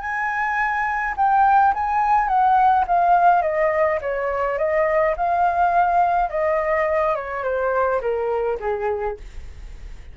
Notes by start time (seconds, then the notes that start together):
0.00 G#5
1.17 G5
1.74 G#5
2.28 F#5
2.87 F5
3.42 D#5
4.01 C#5
4.58 D#5
5.17 F5
6.30 D#5
7.15 C#5
7.44 C5
8.01 A#4
8.60 G#4